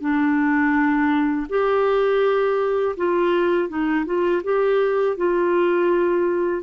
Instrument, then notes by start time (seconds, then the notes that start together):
clarinet
0.00 D4
1.49 G4
2.97 F4
3.69 D#4
4.05 F4
4.43 G4
5.17 F4